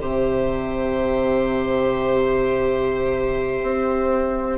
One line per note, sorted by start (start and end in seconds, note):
0.00 3.62 C3
0.00 4.58 G4
0.00 4.58 C5
0.00 4.58 E5
3.62 4.58 C4